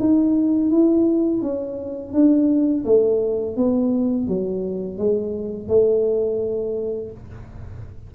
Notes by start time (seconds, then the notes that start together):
0.00 D#4
0.70 E4
1.42 C#4
2.13 D4
2.85 A3
3.56 B3
4.28 F#3
4.98 G#3
5.69 A3